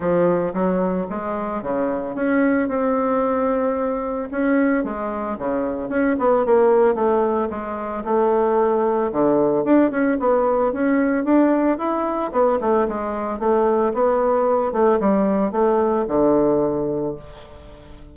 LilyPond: \new Staff \with { instrumentName = "bassoon" } { \time 4/4 \tempo 4 = 112 f4 fis4 gis4 cis4 | cis'4 c'2. | cis'4 gis4 cis4 cis'8 b8 | ais4 a4 gis4 a4~ |
a4 d4 d'8 cis'8 b4 | cis'4 d'4 e'4 b8 a8 | gis4 a4 b4. a8 | g4 a4 d2 | }